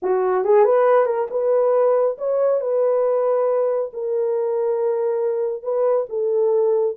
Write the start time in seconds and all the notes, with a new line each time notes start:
0.02 F#4
0.44 G#4
0.64 B4
1.05 A#4
1.30 B4
2.18 C#5
2.60 B4
3.93 A#4
5.62 B4
6.09 A4